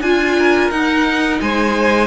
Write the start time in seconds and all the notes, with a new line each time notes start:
0.00 D4 F4 G#5
0.38 A#4
0.70 D#4 F#5
1.40 G#3 C5 G#5